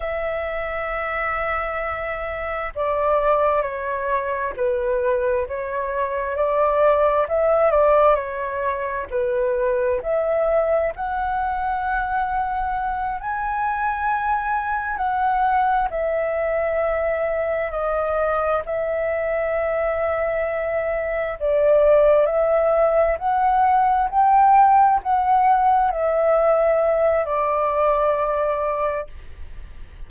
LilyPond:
\new Staff \with { instrumentName = "flute" } { \time 4/4 \tempo 4 = 66 e''2. d''4 | cis''4 b'4 cis''4 d''4 | e''8 d''8 cis''4 b'4 e''4 | fis''2~ fis''8 gis''4.~ |
gis''8 fis''4 e''2 dis''8~ | dis''8 e''2. d''8~ | d''8 e''4 fis''4 g''4 fis''8~ | fis''8 e''4. d''2 | }